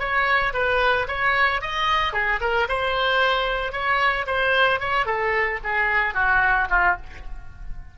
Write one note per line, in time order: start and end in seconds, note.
0.00 0.54 C#5
0.54 1.07 B4
1.08 1.62 C#5
1.62 2.14 D#5
2.14 2.40 G#4
2.41 2.68 A#4
2.69 3.73 C5
3.73 4.26 C#5
4.27 4.80 C5
4.80 5.06 C#5
5.06 5.60 A4
5.64 6.15 G#4
6.15 6.68 F#4
6.70 6.97 F4